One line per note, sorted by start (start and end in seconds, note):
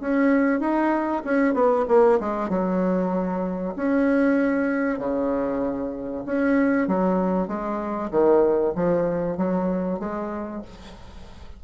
0.00 0.60 C#4
0.60 1.22 D#4
1.24 1.54 C#4
1.54 1.85 B3
1.88 2.19 A#3
2.20 2.49 G#3
2.49 3.74 F#3
3.76 4.99 C#4
4.99 6.24 C#3
6.26 6.87 C#4
6.87 7.47 F#3
7.47 8.10 G#3
8.11 8.73 D#3
8.75 9.37 F3
9.37 9.99 F#3
9.99 10.62 G#3